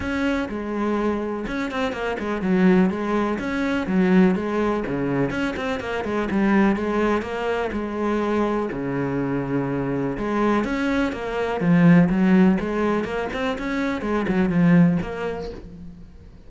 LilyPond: \new Staff \with { instrumentName = "cello" } { \time 4/4 \tempo 4 = 124 cis'4 gis2 cis'8 c'8 | ais8 gis8 fis4 gis4 cis'4 | fis4 gis4 cis4 cis'8 c'8 | ais8 gis8 g4 gis4 ais4 |
gis2 cis2~ | cis4 gis4 cis'4 ais4 | f4 fis4 gis4 ais8 c'8 | cis'4 gis8 fis8 f4 ais4 | }